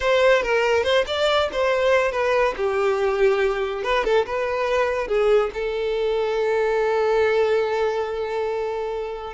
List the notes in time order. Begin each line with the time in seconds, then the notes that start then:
0.00 C5
0.42 A#4
0.83 C5
1.06 D5
1.52 C5
2.11 B4
2.56 G4
3.83 B4
4.04 A4
4.26 B4
5.07 G#4
5.53 A4